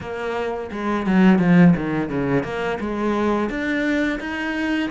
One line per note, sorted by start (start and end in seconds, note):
0.00 0.70 A#3
0.71 1.06 G#3
1.06 1.39 F#3
1.39 1.73 F3
1.76 2.09 D#3
2.09 2.43 C#3
2.43 2.78 A#3
2.80 3.49 G#3
3.49 4.19 D4
4.20 4.90 D#4